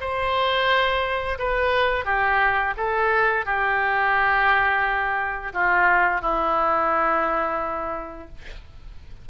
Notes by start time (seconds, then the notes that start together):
0.00 C5
1.39 B4
2.05 G4
2.77 A4
3.45 G4
5.53 F4
6.21 E4